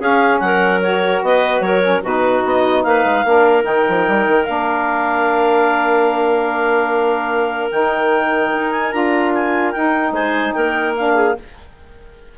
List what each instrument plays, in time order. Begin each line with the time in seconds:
0.00 bassoon C#4, saxophone C#4, clarinet G#4 F5
0.40 bassoon F#3, clarinet A#4 F#5
0.82 saxophone F#4, clarinet C#5
1.22 bassoon B3, clarinet B4 D#5
1.60 bassoon F#3, clarinet A#4 C#5
1.81 saxophone C#4
2.03 bassoon B2, saxophone D#4, clarinet F#4 B4
2.45 bassoon B3, clarinet D#5
2.83 bassoon A#3, clarinet B4 F5
3.04 bassoon G#3
3.24 bassoon A#3, saxophone D4, clarinet A#4
3.62 bassoon D#3, saxophone D#4, clarinet G5
3.89 bassoon F3
4.08 bassoon G3
4.27 bassoon D#3
4.44 bassoon A#3, saxophone D4, clarinet F5
7.71 bassoon D#3, saxophone D#4, clarinet G5
8.54 bassoon D#4
8.72 clarinet G#5
8.92 bassoon D4, saxophone F4, clarinet A#5
9.34 clarinet G#5
9.72 saxophone D#4, bassoon D#4, clarinet G5
10.12 bassoon G#3, clarinet C5 G#5
10.53 bassoon A#3, clarinet A#4 G5
10.97 saxophone D4, clarinet F5
11.14 clarinet G#4